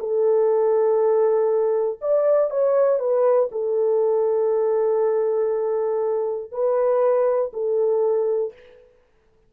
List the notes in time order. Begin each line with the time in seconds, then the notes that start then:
0.00 A4
2.02 D5
2.51 C#5
3.00 B4
3.52 A4
6.52 B4
7.53 A4